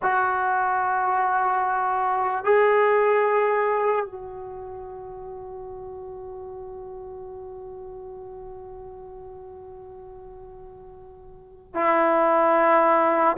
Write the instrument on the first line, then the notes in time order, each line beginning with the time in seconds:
trombone
0.02 F#4
2.44 G#4
4.05 F#4
11.74 E4